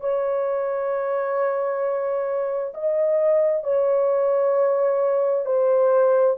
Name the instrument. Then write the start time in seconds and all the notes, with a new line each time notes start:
horn
0.00 C#5
2.74 D#5
3.63 C#5
5.45 C5